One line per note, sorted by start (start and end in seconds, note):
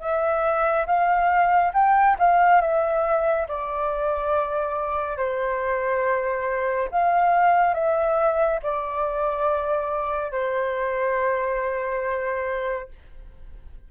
0.00 0.86 E5
0.86 1.72 F5
1.74 2.17 G5
2.19 2.61 F5
2.61 3.47 E5
3.48 5.17 D5
5.17 6.89 C5
6.92 7.74 F5
7.74 8.59 E5
8.63 10.32 D5
10.32 12.89 C5